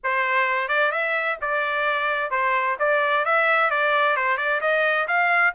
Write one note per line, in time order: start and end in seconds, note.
0.03 0.68 C5
0.68 0.91 D5
0.91 1.37 E5
1.41 2.30 D5
2.30 2.77 C5
2.79 3.25 D5
3.25 3.70 E5
3.70 4.16 D5
4.16 4.37 C5
4.37 4.60 D5
4.60 5.07 D#5
5.07 5.53 F5